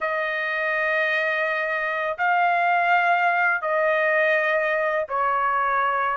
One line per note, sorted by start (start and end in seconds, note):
0.00 2.17 D#5
2.18 3.61 F5
3.61 5.06 D#5
5.09 6.17 C#5